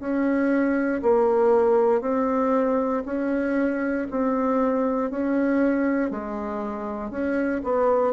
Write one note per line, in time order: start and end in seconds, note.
0.00 1.02 C#4
1.03 2.02 A#3
2.02 3.03 C4
3.06 4.08 C#4
4.11 5.11 C4
5.11 6.11 C#4
6.11 7.10 G#3
7.10 7.61 C#4
7.64 8.14 B3